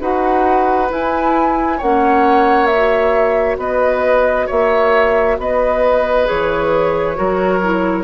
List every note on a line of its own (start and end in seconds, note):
0.00 0.90 D#4
0.00 0.88 F#4
0.00 1.77 B4
0.00 0.90 F#5
0.88 1.78 E4
0.88 1.81 E4
0.88 1.81 G#5
1.77 3.57 A#3
1.77 2.70 C#4
1.77 3.57 C#5
1.77 2.66 F#5
2.66 6.25 F#4
2.66 3.55 E5
3.57 4.47 B3
3.57 4.46 B4
3.57 4.48 D#5
4.46 5.38 A#3
4.46 5.36 C#5
4.46 5.38 E5
5.38 6.27 B3
5.38 7.17 B4
5.38 6.27 D#5
6.25 7.18 E3
6.25 7.15 G#4
6.25 8.03 C#5
7.15 8.03 F#3
7.15 7.60 F#4
7.15 8.03 A#4
7.63 8.03 E4